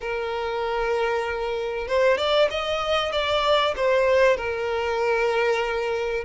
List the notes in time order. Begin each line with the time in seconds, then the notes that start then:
0.00 A#4
1.87 C5
2.17 D5
2.50 D#5
3.12 D5
3.76 C5
4.36 A#4